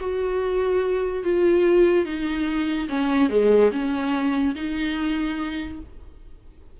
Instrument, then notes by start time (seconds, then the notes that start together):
viola
0.00 F#4
1.23 F4
2.05 D#4
2.89 C#4
3.30 G#3
3.72 C#4
4.55 D#4